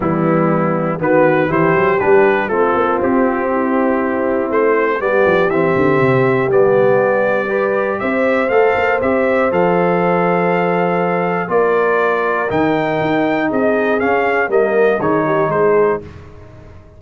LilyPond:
<<
  \new Staff \with { instrumentName = "trumpet" } { \time 4/4 \tempo 4 = 120 e'2 b'4 c''4 | b'4 a'4 g'2~ | g'4 c''4 d''4 e''4~ | e''4 d''2. |
e''4 f''4 e''4 f''4~ | f''2. d''4~ | d''4 g''2 dis''4 | f''4 dis''4 cis''4 c''4 | }
  \new Staff \with { instrumentName = "horn" } { \time 4/4 b2 fis'4 g'4~ | g'4 f'2 e'4~ | e'2 g'2~ | g'2. b'4 |
c''1~ | c''2. ais'4~ | ais'2. gis'4~ | gis'4 ais'4 gis'8 g'8 gis'4 | }
  \new Staff \with { instrumentName = "trombone" } { \time 4/4 g2 b4 e'4 | d'4 c'2.~ | c'2 b4 c'4~ | c'4 b2 g'4~ |
g'4 a'4 g'4 a'4~ | a'2. f'4~ | f'4 dis'2. | cis'4 ais4 dis'2 | }
  \new Staff \with { instrumentName = "tuba" } { \time 4/4 e2 dis4 e8 fis8 | g4 a8 ais8 c'2~ | c'4 a4 g8 f8 e8 d8 | c4 g2. |
c'4 a8 ais8 c'4 f4~ | f2. ais4~ | ais4 dis4 dis'4 c'4 | cis'4 g4 dis4 gis4 | }
>>